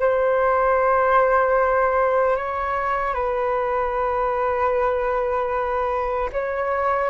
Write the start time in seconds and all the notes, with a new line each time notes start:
0.00 C5
2.36 C#5
3.14 B4
6.32 C#5